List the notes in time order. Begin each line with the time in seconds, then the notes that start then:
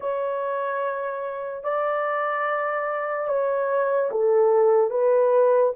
0.00 C#5
1.63 D5
3.27 C#5
4.11 A4
4.90 B4